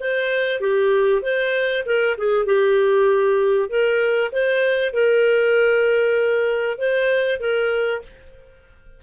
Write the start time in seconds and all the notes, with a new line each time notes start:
0.00 C5
0.60 G4
1.22 C5
1.86 A#4
2.18 G#4
2.45 G4
3.69 A#4
4.32 C5
4.93 A#4
6.78 C5
7.40 A#4